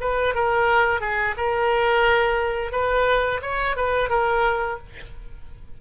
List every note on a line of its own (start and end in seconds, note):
0.00 0.34 B4
0.34 1.00 A#4
1.00 1.35 G#4
1.37 2.72 A#4
2.72 3.41 B4
3.42 3.76 C#5
3.76 4.09 B4
4.09 4.78 A#4